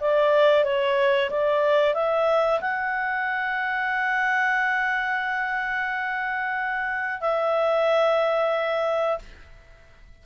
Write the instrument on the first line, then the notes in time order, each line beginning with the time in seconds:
clarinet
0.00 D5
0.64 C#5
1.30 D5
1.94 E5
2.60 F#5
7.21 E5